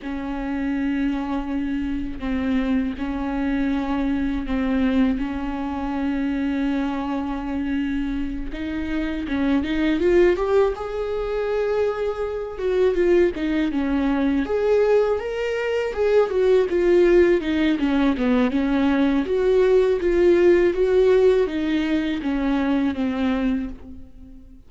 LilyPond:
\new Staff \with { instrumentName = "viola" } { \time 4/4 \tempo 4 = 81 cis'2. c'4 | cis'2 c'4 cis'4~ | cis'2.~ cis'8 dis'8~ | dis'8 cis'8 dis'8 f'8 g'8 gis'4.~ |
gis'4 fis'8 f'8 dis'8 cis'4 gis'8~ | gis'8 ais'4 gis'8 fis'8 f'4 dis'8 | cis'8 b8 cis'4 fis'4 f'4 | fis'4 dis'4 cis'4 c'4 | }